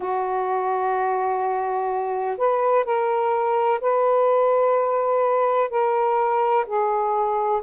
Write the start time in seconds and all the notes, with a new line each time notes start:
0.00 F#4
2.37 B4
2.84 A#4
3.81 B4
5.69 A#4
6.66 G#4